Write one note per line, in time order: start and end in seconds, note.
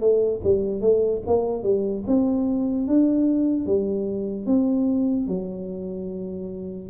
0.00 0.41 A3
0.44 0.81 G3
0.81 1.22 A3
1.26 1.63 A#3
1.63 2.03 G3
2.07 2.87 C4
2.87 3.66 D4
3.66 4.46 G3
4.46 5.27 C4
5.27 6.89 F#3